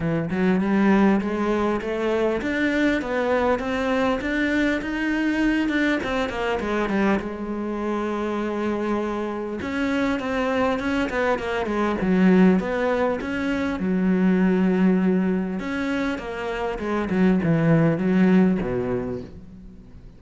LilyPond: \new Staff \with { instrumentName = "cello" } { \time 4/4 \tempo 4 = 100 e8 fis8 g4 gis4 a4 | d'4 b4 c'4 d'4 | dis'4. d'8 c'8 ais8 gis8 g8 | gis1 |
cis'4 c'4 cis'8 b8 ais8 gis8 | fis4 b4 cis'4 fis4~ | fis2 cis'4 ais4 | gis8 fis8 e4 fis4 b,4 | }